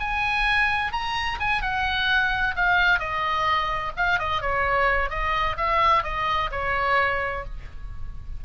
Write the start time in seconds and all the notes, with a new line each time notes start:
0.00 G#5
0.92 A#5
1.40 G#5
1.62 F#5
2.56 F5
2.99 D#5
3.97 F5
4.19 D#5
4.41 C#5
5.10 D#5
5.57 E5
6.04 D#5
6.52 C#5